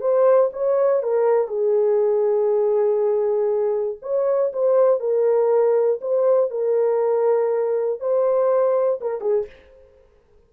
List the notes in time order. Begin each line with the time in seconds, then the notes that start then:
0.00 C5
0.53 C#5
1.02 A#4
1.47 G#4
4.02 C#5
4.52 C5
5.00 A#4
6.01 C5
6.50 A#4
8.00 C5
9.00 A#4
9.20 G#4